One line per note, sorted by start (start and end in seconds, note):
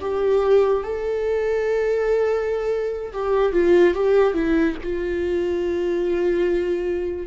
0.00 0.83 G4
0.83 3.12 A4
3.13 3.52 G4
3.52 3.94 F4
3.94 4.34 G4
4.34 4.75 E4
4.83 7.27 F4